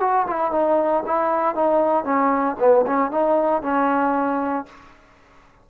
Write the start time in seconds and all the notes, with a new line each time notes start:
0.00 F#4
0.27 E4
0.51 D#4
1.06 E4
1.55 D#4
2.04 C#4
2.60 B3
2.87 C#4
3.11 D#4
3.62 C#4